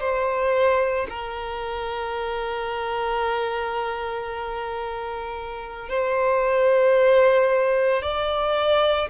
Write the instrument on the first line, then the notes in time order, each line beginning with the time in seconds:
violin
0.00 C5
1.10 A#4
5.89 C5
8.03 D5